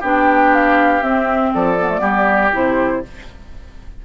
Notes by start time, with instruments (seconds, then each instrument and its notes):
0.00 bassoon B3, clarinet D4, oboe G4, flute G5
0.54 flute F5
1.02 clarinet C4, bassoon C4, flute E5
1.54 bassoon F3, oboe A4, flute D5
1.80 clarinet B3
1.89 clarinet A3
1.99 bassoon G3, clarinet B3, oboe G4
2.53 bassoon C3, clarinet E4, flute C5